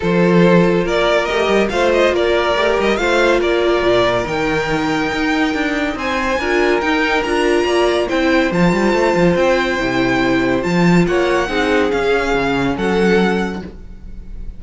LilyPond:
<<
  \new Staff \with { instrumentName = "violin" } { \time 4/4 \tempo 4 = 141 c''2 d''4 dis''4 | f''8 dis''8 d''4. dis''8 f''4 | d''2 g''2~ | g''2 gis''2 |
g''4 ais''2 g''4 | a''2 g''2~ | g''4 a''4 fis''2 | f''2 fis''2 | }
  \new Staff \with { instrumentName = "violin" } { \time 4/4 a'2 ais'2 | c''4 ais'2 c''4 | ais'1~ | ais'2 c''4 ais'4~ |
ais'2 d''4 c''4~ | c''1~ | c''2 cis''4 gis'4~ | gis'2 a'2 | }
  \new Staff \with { instrumentName = "viola" } { \time 4/4 f'2. g'4 | f'2 g'4 f'4~ | f'2 dis'2~ | dis'2. f'4 |
dis'4 f'2 e'4 | f'2. e'4~ | e'4 f'2 dis'4 | cis'1 | }
  \new Staff \with { instrumentName = "cello" } { \time 4/4 f2 ais4 a8 g8 | a4 ais4 a8 g8 a4 | ais4 ais,4 dis2 | dis'4 d'4 c'4 d'4 |
dis'4 d'4 ais4 c'4 | f8 g8 a8 f8 c'4 c4~ | c4 f4 ais4 c'4 | cis'4 cis4 fis2 | }
>>